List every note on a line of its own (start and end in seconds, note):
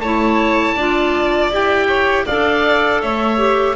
0.00 0.75 A3
0.00 0.78 E4
0.00 0.75 C#5
0.00 1.50 A5
0.75 1.50 D4
0.75 1.52 F4
0.75 1.87 D5
1.51 2.26 E4
1.51 2.27 G4
1.51 2.27 G5
1.87 2.25 C#5
2.26 3.03 D4
2.26 3.38 A4
2.26 3.01 D5
2.26 3.02 F5
3.01 3.76 A3
3.01 3.76 C#5
3.01 3.76 E5
3.38 3.75 G4